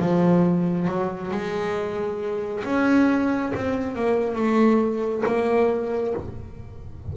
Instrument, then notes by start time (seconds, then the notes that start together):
double bass
0.00 F3
0.88 F#3
1.32 G#3
2.65 C#4
3.56 C4
3.96 A#3
4.36 A3
5.26 A#3